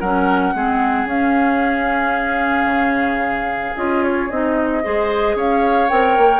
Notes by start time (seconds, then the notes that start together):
0.00 F#3 C#4 A#4 F#5
0.54 G#3 C4 G#4
1.05 C#4 F5
2.65 C#3
3.76 C#4 F4 D#5
4.04 C#5
4.30 C4 D#4 D#5
4.83 G#3 G#4 C5
5.35 C#4 C#5 F5
5.89 C4 A#4 G5
6.18 A#3